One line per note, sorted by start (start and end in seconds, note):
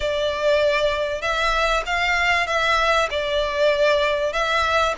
0.00 1.21 D5
1.21 1.83 E5
1.86 2.47 F5
2.47 3.08 E5
3.10 4.32 D5
4.32 4.94 E5